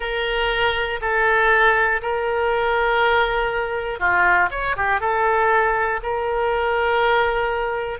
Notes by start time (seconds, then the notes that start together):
0.00 A#4
1.01 A4
2.02 A#4
3.99 F4
4.50 C#5
4.76 G4
5.00 A4
6.03 A#4